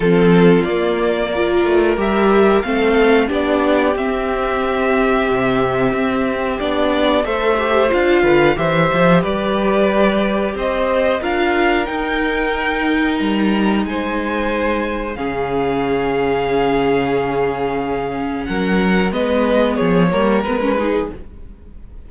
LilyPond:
<<
  \new Staff \with { instrumentName = "violin" } { \time 4/4 \tempo 4 = 91 a'4 d''2 e''4 | f''4 d''4 e''2~ | e''2 d''4 e''4 | f''4 e''4 d''2 |
dis''4 f''4 g''2 | ais''4 gis''2 f''4~ | f''1 | fis''4 dis''4 cis''4 b'4 | }
  \new Staff \with { instrumentName = "violin" } { \time 4/4 f'2 ais'2 | a'4 g'2.~ | g'2. c''4~ | c''8 b'8 c''4 b'2 |
c''4 ais'2.~ | ais'4 c''2 gis'4~ | gis'1 | ais'4 b'4 gis'8 ais'4 gis'8 | }
  \new Staff \with { instrumentName = "viola" } { \time 4/4 c'4 ais4 f'4 g'4 | c'4 d'4 c'2~ | c'2 d'4 a'8 g'8 | f'4 g'2.~ |
g'4 f'4 dis'2~ | dis'2. cis'4~ | cis'1~ | cis'4 b4. ais8 b16 cis'16 dis'8 | }
  \new Staff \with { instrumentName = "cello" } { \time 4/4 f4 ais4. a8 g4 | a4 b4 c'2 | c4 c'4 b4 a4 | d'8 d8 e8 f8 g2 |
c'4 d'4 dis'2 | g4 gis2 cis4~ | cis1 | fis4 gis4 f8 g8 gis4 | }
>>